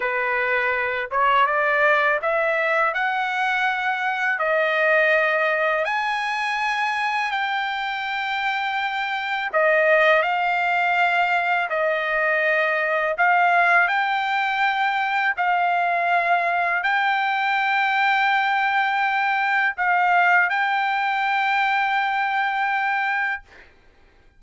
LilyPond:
\new Staff \with { instrumentName = "trumpet" } { \time 4/4 \tempo 4 = 82 b'4. cis''8 d''4 e''4 | fis''2 dis''2 | gis''2 g''2~ | g''4 dis''4 f''2 |
dis''2 f''4 g''4~ | g''4 f''2 g''4~ | g''2. f''4 | g''1 | }